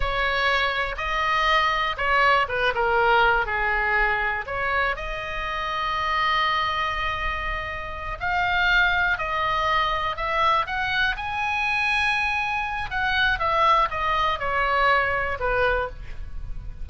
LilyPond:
\new Staff \with { instrumentName = "oboe" } { \time 4/4 \tempo 4 = 121 cis''2 dis''2 | cis''4 b'8 ais'4. gis'4~ | gis'4 cis''4 dis''2~ | dis''1~ |
dis''8 f''2 dis''4.~ | dis''8 e''4 fis''4 gis''4.~ | gis''2 fis''4 e''4 | dis''4 cis''2 b'4 | }